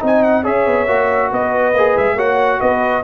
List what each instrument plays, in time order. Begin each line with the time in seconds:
0.00 tuba C4, trombone D#4, horn D#5, trumpet G#5
0.23 trumpet F#5
0.43 tuba C#4, trombone G#4, horn C#5, trumpet E5
0.66 tuba B3
0.87 tuba A#3, trombone F#4
1.32 tuba B3, horn B4, trumpet D#5
1.73 tuba A#3, trombone G#4
1.97 tuba G#3, trumpet E5
2.15 tuba A#3, trombone F#4, horn C#5, trumpet F#5
2.60 tuba B3, horn B4, trumpet D#5